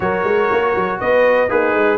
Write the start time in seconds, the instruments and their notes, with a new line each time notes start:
0.00 tuba F#3, trombone F#4, horn A#4, trumpet C#5
0.23 tuba G#3
0.51 tuba A#3
0.75 tuba F#3
0.99 tuba B3, horn B4, trumpet D#5
1.48 tuba A#3, horn D#4, trombone G#4, trumpet B4
1.74 tuba G#3